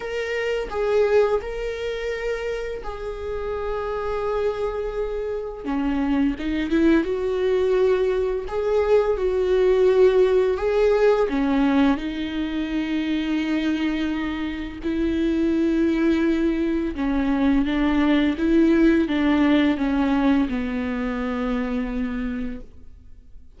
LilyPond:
\new Staff \with { instrumentName = "viola" } { \time 4/4 \tempo 4 = 85 ais'4 gis'4 ais'2 | gis'1 | cis'4 dis'8 e'8 fis'2 | gis'4 fis'2 gis'4 |
cis'4 dis'2.~ | dis'4 e'2. | cis'4 d'4 e'4 d'4 | cis'4 b2. | }